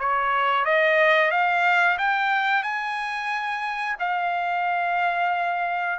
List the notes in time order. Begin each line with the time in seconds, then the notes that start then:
0.00 C#5
0.65 D#5
1.31 F5
1.98 G5
2.63 G#5
4.00 F5